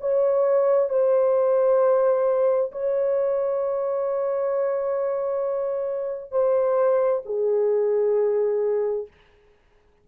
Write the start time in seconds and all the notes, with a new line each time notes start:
0.00 C#5
0.89 C5
2.71 C#5
6.31 C5
7.25 G#4